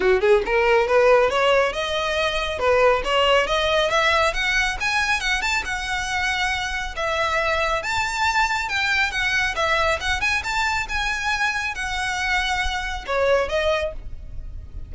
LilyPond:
\new Staff \with { instrumentName = "violin" } { \time 4/4 \tempo 4 = 138 fis'8 gis'8 ais'4 b'4 cis''4 | dis''2 b'4 cis''4 | dis''4 e''4 fis''4 gis''4 | fis''8 a''8 fis''2. |
e''2 a''2 | g''4 fis''4 e''4 fis''8 gis''8 | a''4 gis''2 fis''4~ | fis''2 cis''4 dis''4 | }